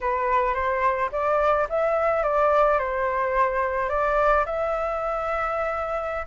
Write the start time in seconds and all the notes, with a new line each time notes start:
0.01 B4
0.54 C5
1.12 D5
1.69 E5
2.23 D5
2.78 C5
3.89 D5
4.45 E5